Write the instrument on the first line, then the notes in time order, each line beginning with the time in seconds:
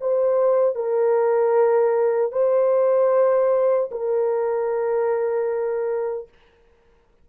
horn
0.00 C5
0.75 A#4
2.32 C5
3.91 A#4